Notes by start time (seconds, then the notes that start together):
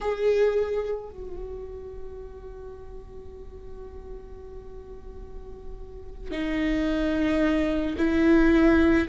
0.00 G#4
1.10 F#4
6.31 D#4
7.97 E4